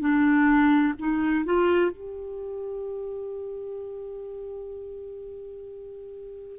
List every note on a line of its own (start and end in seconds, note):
0.00 0.94 D4
0.99 1.45 D#4
1.45 1.91 F4
1.91 6.59 G4